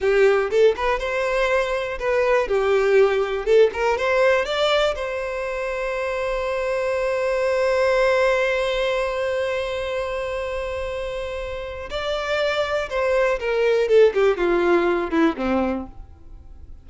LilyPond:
\new Staff \with { instrumentName = "violin" } { \time 4/4 \tempo 4 = 121 g'4 a'8 b'8 c''2 | b'4 g'2 a'8 ais'8 | c''4 d''4 c''2~ | c''1~ |
c''1~ | c''1 | d''2 c''4 ais'4 | a'8 g'8 f'4. e'8 c'4 | }